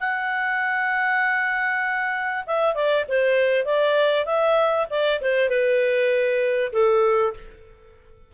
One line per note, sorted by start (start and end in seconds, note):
0.00 2.45 F#5
2.46 2.75 E5
2.75 3.05 D5
3.08 3.65 C5
3.65 4.26 D5
4.26 4.87 E5
4.90 5.21 D5
5.21 5.49 C5
5.49 6.72 B4
6.72 7.34 A4